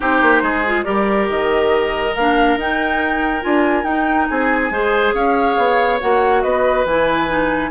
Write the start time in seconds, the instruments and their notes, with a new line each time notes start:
0.00 bassoon C4, clarinet D#4, oboe G4, flute C5
0.22 bassoon A#3
0.42 bassoon G#3, oboe G#4
0.66 clarinet F4
0.83 bassoon G3, clarinet G4, oboe A#4, flute D5
1.29 bassoon D#3, flute D#5
2.15 bassoon A#3, clarinet D4, flute F5
2.56 bassoon D#4, clarinet D#4, flute G5
3.40 bassoon D4, clarinet F4, flute G#5
3.83 bassoon D#4, clarinet D#4, flute G5
4.27 bassoon C4, oboe G#4, flute G#5
4.70 bassoon G#3, clarinet G#4, oboe C5
5.13 bassoon C#4, oboe C#5, flute F5
5.57 bassoon B3
6.00 bassoon A#3, clarinet F#4, flute F#5
6.42 bassoon B3, oboe B4, flute D#5
6.85 bassoon E3, clarinet E4, flute G#5
7.27 clarinet D#4